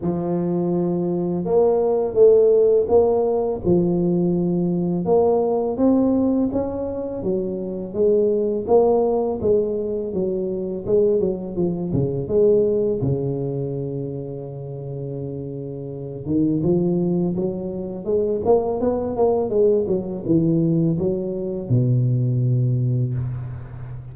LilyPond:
\new Staff \with { instrumentName = "tuba" } { \time 4/4 \tempo 4 = 83 f2 ais4 a4 | ais4 f2 ais4 | c'4 cis'4 fis4 gis4 | ais4 gis4 fis4 gis8 fis8 |
f8 cis8 gis4 cis2~ | cis2~ cis8 dis8 f4 | fis4 gis8 ais8 b8 ais8 gis8 fis8 | e4 fis4 b,2 | }